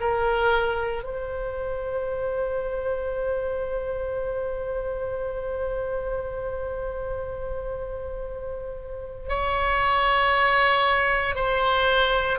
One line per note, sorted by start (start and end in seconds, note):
0.00 1.03 A#4
1.03 9.28 C5
9.28 11.35 C#5
11.35 12.38 C5